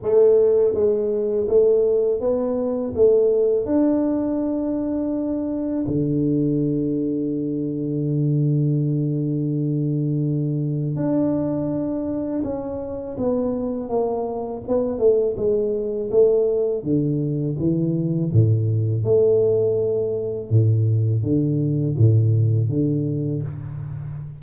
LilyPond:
\new Staff \with { instrumentName = "tuba" } { \time 4/4 \tempo 4 = 82 a4 gis4 a4 b4 | a4 d'2. | d1~ | d2. d'4~ |
d'4 cis'4 b4 ais4 | b8 a8 gis4 a4 d4 | e4 a,4 a2 | a,4 d4 a,4 d4 | }